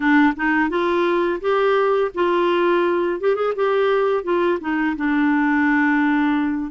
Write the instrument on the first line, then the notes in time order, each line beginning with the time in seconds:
clarinet
0.00 D4
0.36 D#4
0.69 F4
1.40 G4
2.14 F4
3.20 G4
3.35 G#4
3.55 G4
4.23 F4
4.60 D#4
4.96 D4